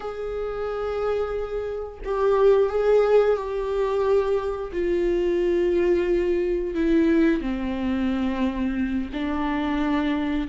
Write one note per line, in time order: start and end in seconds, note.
0.00 1.99 G#4
2.04 2.69 G4
2.69 3.36 G#4
3.36 4.71 G4
4.72 6.74 F4
6.74 7.41 E4
7.41 9.09 C4
9.13 10.47 D4